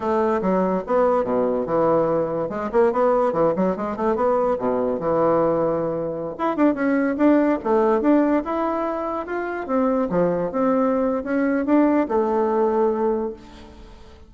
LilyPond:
\new Staff \with { instrumentName = "bassoon" } { \time 4/4 \tempo 4 = 144 a4 fis4 b4 b,4 | e2 gis8 ais8 b4 | e8 fis8 gis8 a8 b4 b,4 | e2.~ e16 e'8 d'16~ |
d'16 cis'4 d'4 a4 d'8.~ | d'16 e'2 f'4 c'8.~ | c'16 f4 c'4.~ c'16 cis'4 | d'4 a2. | }